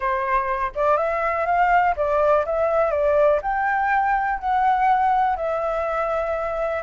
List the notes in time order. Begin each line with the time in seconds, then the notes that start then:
0.00 C5
0.75 D5
0.97 E5
1.45 F5
1.96 D5
2.45 E5
2.91 D5
3.42 G5
4.39 F#5
5.36 E5